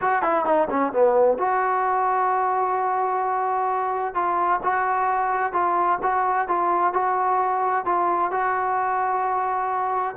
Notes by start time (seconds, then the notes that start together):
0.01 F#4
0.22 E4
0.45 D#4
0.70 C#4
0.93 B3
1.38 F#4
4.14 F4
4.63 F#4
5.52 F4
6.02 F#4
6.48 F4
6.93 F#4
7.85 F4
8.31 F#4